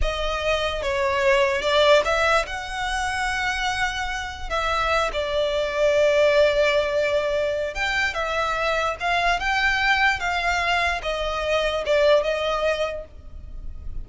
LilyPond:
\new Staff \with { instrumentName = "violin" } { \time 4/4 \tempo 4 = 147 dis''2 cis''2 | d''4 e''4 fis''2~ | fis''2. e''4~ | e''8 d''2.~ d''8~ |
d''2. g''4 | e''2 f''4 g''4~ | g''4 f''2 dis''4~ | dis''4 d''4 dis''2 | }